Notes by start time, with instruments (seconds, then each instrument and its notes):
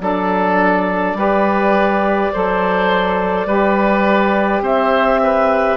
0.00 bassoon F#3, saxophone D4, oboe A4, clarinet D5
1.14 bassoon G3, saxophone G4, oboe B4
2.33 bassoon F#3, saxophone A4, oboe C5
3.46 bassoon G3, saxophone G4, oboe B4
4.61 bassoon C4, oboe C5, clarinet E5
5.23 oboe B4